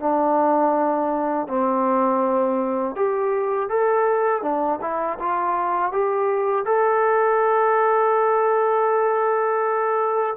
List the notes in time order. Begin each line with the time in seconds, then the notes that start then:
0.00 D4
1.48 C4
2.96 G4
3.70 A4
4.42 D4
4.81 E4
5.20 F4
5.92 G4
6.65 A4